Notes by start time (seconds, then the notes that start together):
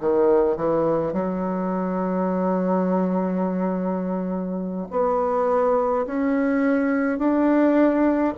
0.00 D#3
0.56 E3
1.12 F#3
4.90 B3
6.06 C#4
7.18 D4